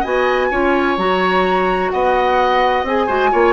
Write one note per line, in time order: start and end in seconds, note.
0.00 0.51 B3
0.00 0.51 F#4
0.00 0.47 D#5
0.00 0.97 G#5
0.51 0.98 C#4
0.51 0.98 F4
0.51 1.92 C#5
0.98 1.91 F#3
0.98 2.86 F#4
0.98 1.90 A#5
1.90 2.83 B3
1.90 3.07 D#5
1.90 2.84 F#5
2.83 3.07 C4
2.83 3.08 G#4
2.83 3.53 G#5
3.07 3.32 G#3
3.07 3.32 F#4
3.07 3.30 C5
3.32 3.53 A#3
3.32 3.53 F4
3.32 3.53 C#5